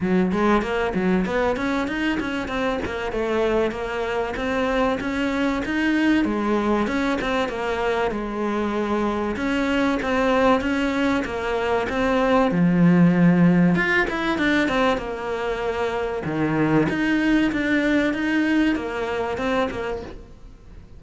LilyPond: \new Staff \with { instrumentName = "cello" } { \time 4/4 \tempo 4 = 96 fis8 gis8 ais8 fis8 b8 cis'8 dis'8 cis'8 | c'8 ais8 a4 ais4 c'4 | cis'4 dis'4 gis4 cis'8 c'8 | ais4 gis2 cis'4 |
c'4 cis'4 ais4 c'4 | f2 f'8 e'8 d'8 c'8 | ais2 dis4 dis'4 | d'4 dis'4 ais4 c'8 ais8 | }